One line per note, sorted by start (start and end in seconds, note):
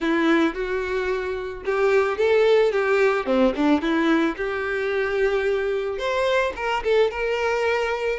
0.00 0.54 E4
0.54 1.63 F#4
1.65 2.17 G4
2.17 2.71 A4
2.71 3.26 G4
3.26 3.53 C4
3.55 3.81 D4
3.81 4.36 E4
4.36 5.98 G4
5.98 6.52 C5
6.56 6.83 A#4
6.83 7.11 A4
7.11 8.19 A#4